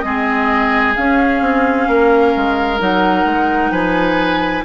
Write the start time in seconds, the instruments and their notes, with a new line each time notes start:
0.00 bassoon G#3, clarinet C4, oboe G#4, flute D#5
0.96 clarinet C#4, bassoon C#4, flute F5
1.41 bassoon C4
1.88 bassoon A#3, oboe A#4
2.36 bassoon G#3
2.79 bassoon F#3, clarinet D#4, flute F#5
3.25 bassoon G#3
3.71 bassoon F3, oboe B4, flute G#5